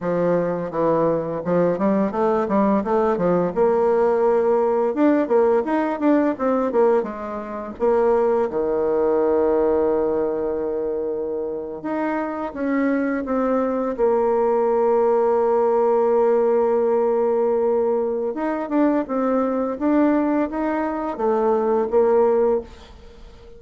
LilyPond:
\new Staff \with { instrumentName = "bassoon" } { \time 4/4 \tempo 4 = 85 f4 e4 f8 g8 a8 g8 | a8 f8 ais2 d'8 ais8 | dis'8 d'8 c'8 ais8 gis4 ais4 | dis1~ |
dis8. dis'4 cis'4 c'4 ais16~ | ais1~ | ais2 dis'8 d'8 c'4 | d'4 dis'4 a4 ais4 | }